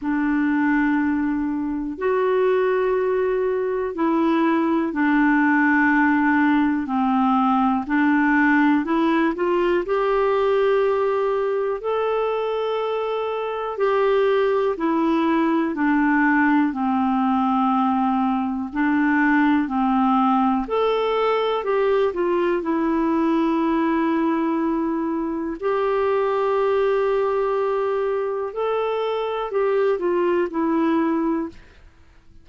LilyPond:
\new Staff \with { instrumentName = "clarinet" } { \time 4/4 \tempo 4 = 61 d'2 fis'2 | e'4 d'2 c'4 | d'4 e'8 f'8 g'2 | a'2 g'4 e'4 |
d'4 c'2 d'4 | c'4 a'4 g'8 f'8 e'4~ | e'2 g'2~ | g'4 a'4 g'8 f'8 e'4 | }